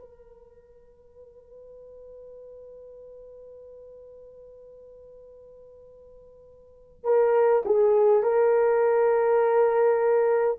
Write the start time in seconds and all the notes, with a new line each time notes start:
0.00 B4
7.04 A#4
7.65 G#4
8.23 A#4